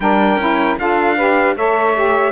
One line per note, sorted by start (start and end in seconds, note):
0.00 0.36 G3
0.00 0.40 D4
0.00 0.79 A#4
0.00 0.78 G5
0.36 0.75 C#4
0.36 0.77 E4
0.77 1.56 D4
0.77 1.16 F4
0.77 1.16 A4
0.77 1.56 F5
1.16 1.56 G4
1.16 1.55 B4
1.56 2.32 A3
1.56 1.94 A4
1.56 2.32 C#5
1.56 2.32 E5
1.94 2.32 G4